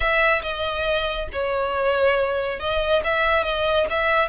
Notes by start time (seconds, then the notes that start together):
0.00 E5
0.42 D#5
1.32 C#5
2.59 D#5
3.04 E5
3.43 D#5
3.90 E5